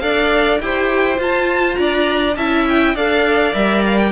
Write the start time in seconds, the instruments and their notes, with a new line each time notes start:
0.00 cello D4, viola A4, violin D5 F5
0.61 cello E4, viola G4, violin C5 G5
1.15 viola F4, cello F4
1.23 violin A5
1.75 cello D4, violin D5 A#5
2.37 cello C#4, viola E4, violin E5 A5
2.69 violin G5
2.95 cello D4, viola A4, violin D5 F5
3.53 cello G3, viola A#4, violin E5
3.86 violin F5
3.98 violin G5